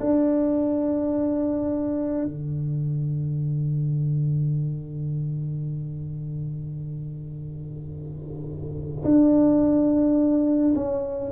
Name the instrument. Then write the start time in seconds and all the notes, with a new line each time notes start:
tuba
0.00 D4
2.25 D3
9.04 D4
10.75 C#4